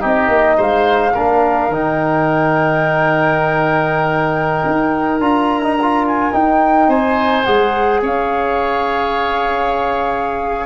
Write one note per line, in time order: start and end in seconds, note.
0.00 0.28 C4
0.00 1.12 D#4
0.00 0.57 G4
0.06 0.61 D#5
0.28 0.56 A#3
0.57 1.15 G#3
0.57 1.14 C5
0.57 1.73 F5
1.14 1.69 A#3
1.14 1.71 D4
1.14 6.89 A#4
1.69 4.63 D#3
1.69 5.21 D#4
1.69 5.21 G5
4.66 5.20 D#4
5.20 6.32 D4
5.20 5.63 F4
5.20 6.05 A#5
5.63 5.77 D#4
5.82 6.33 F4
6.08 6.34 G#5
6.33 7.45 D#4
6.33 6.88 D#4
6.33 6.90 G5
6.88 7.44 C4
6.88 8.01 C5
6.88 7.45 G#5
7.45 8.03 G#3
7.45 10.67 G#4
7.45 8.01 F#5
8.03 10.67 C#4
8.03 10.67 C#5
8.03 10.67 F5